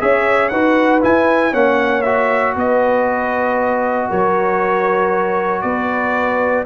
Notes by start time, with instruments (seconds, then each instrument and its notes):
0.00 tuba C#4, trombone G#4, horn C#5, trumpet E5
0.49 tuba D#4, trombone F#4, horn B4, trumpet F#5
1.01 trombone E4, tuba E4, trumpet G#5
1.52 tuba A#3, trombone C#4, horn C#5, trumpet F#5
2.02 trombone F#4, trumpet E5
2.56 tuba B3, horn B4, trumpet D#5
4.09 tuba F#3, horn A#4, trumpet C#5
5.62 tuba B3, horn B4, trumpet D5